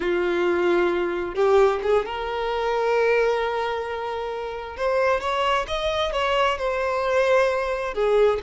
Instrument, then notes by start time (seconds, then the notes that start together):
violin
0.00 F4
1.34 G4
1.82 G#4
2.05 A#4
4.76 C5
5.20 C#5
5.67 D#5
6.12 C#5
6.58 C5
7.93 G#4